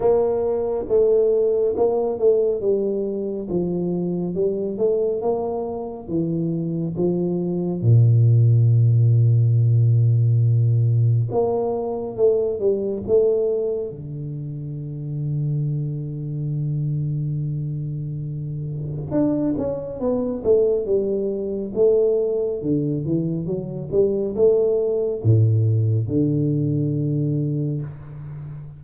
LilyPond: \new Staff \with { instrumentName = "tuba" } { \time 4/4 \tempo 4 = 69 ais4 a4 ais8 a8 g4 | f4 g8 a8 ais4 e4 | f4 ais,2.~ | ais,4 ais4 a8 g8 a4 |
d1~ | d2 d'8 cis'8 b8 a8 | g4 a4 d8 e8 fis8 g8 | a4 a,4 d2 | }